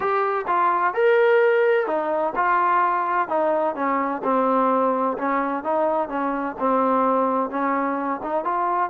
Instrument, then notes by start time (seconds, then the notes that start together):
trombone
0.00 G4
0.47 F4
0.94 A#4
1.86 D#4
2.35 F4
3.28 D#4
3.75 C#4
4.23 C4
5.18 C#4
5.63 D#4
6.09 C#4
6.59 C4
7.50 C#4
8.23 D#4
8.44 F4